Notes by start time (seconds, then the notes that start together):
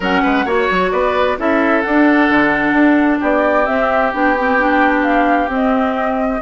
0.00 F#3 C#4 A#4 F#5
0.22 G#3 B4
0.45 A#3 F#4 C#5
0.70 F#3
0.91 B3 B4 D5
1.37 C#4 E4 A4 E5
1.81 D4 F#5
2.29 D3
2.72 D4
3.19 B3 G4 D5
3.65 C4 E5
4.12 B3 D4 G5
4.38 C4
4.59 D4
5.02 F5
5.48 C4 D#5